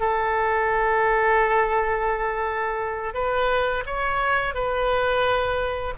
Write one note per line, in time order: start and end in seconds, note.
0.00 3.14 A4
3.14 3.84 B4
3.86 4.54 C#5
4.54 5.94 B4